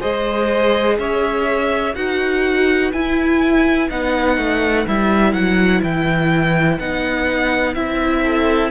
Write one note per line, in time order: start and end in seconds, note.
0.00 0.98 G#3
0.00 1.94 G#4
0.00 0.97 C5
0.00 0.98 D#5
0.98 1.95 C#4
0.98 1.95 C#5
0.98 1.95 E5
1.95 2.93 D#4
1.95 2.92 F#4
1.95 8.22 B4
1.95 2.92 F#5
2.92 3.90 E4
2.92 3.89 E4
2.92 3.89 G#5
3.89 4.37 B3
3.89 4.86 D#4
3.89 4.86 F#5
4.37 4.86 A3
4.87 5.33 G3
4.87 6.80 E4
4.87 5.33 E5
5.33 5.81 F#3
5.33 5.81 F#5
5.82 6.79 E3
5.82 6.79 G5
6.79 7.75 B3
6.79 7.75 D#4
6.79 7.74 F#5
7.74 8.70 C4
7.74 8.70 E4
7.74 8.70 E5
8.22 8.70 A4